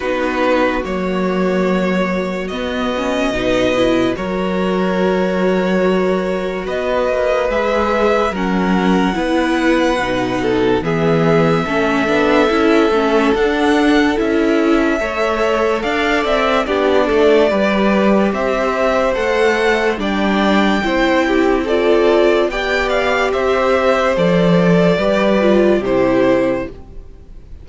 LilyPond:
<<
  \new Staff \with { instrumentName = "violin" } { \time 4/4 \tempo 4 = 72 b'4 cis''2 dis''4~ | dis''4 cis''2. | dis''4 e''4 fis''2~ | fis''4 e''2. |
fis''4 e''2 f''8 e''8 | d''2 e''4 fis''4 | g''2 d''4 g''8 f''8 | e''4 d''2 c''4 | }
  \new Staff \with { instrumentName = "violin" } { \time 4/4 fis'1 | b'4 ais'2. | b'2 ais'4 b'4~ | b'8 a'8 gis'4 a'2~ |
a'2 cis''4 d''4 | g'8 a'8 b'4 c''2 | d''4 c''8 g'8 a'4 d''4 | c''2 b'4 g'4 | }
  \new Staff \with { instrumentName = "viola" } { \time 4/4 dis'4 ais2 b8 cis'8 | dis'8 e'8 fis'2.~ | fis'4 gis'4 cis'4 e'4 | dis'4 b4 cis'8 d'8 e'8 cis'8 |
d'4 e'4 a'2 | d'4 g'2 a'4 | d'4 e'4 f'4 g'4~ | g'4 a'4 g'8 f'8 e'4 | }
  \new Staff \with { instrumentName = "cello" } { \time 4/4 b4 fis2 b4 | b,4 fis2. | b8 ais8 gis4 fis4 b4 | b,4 e4 a8 b8 cis'8 a8 |
d'4 cis'4 a4 d'8 c'8 | b8 a8 g4 c'4 a4 | g4 c'2 b4 | c'4 f4 g4 c4 | }
>>